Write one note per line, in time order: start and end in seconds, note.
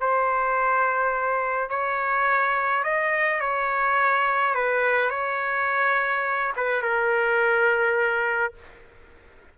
0.00 1.69 C5
1.69 2.83 C#5
2.83 3.41 D#5
3.41 4.55 C#5
4.55 5.10 B4
5.10 6.52 C#5
6.56 6.82 B4
6.82 8.53 A#4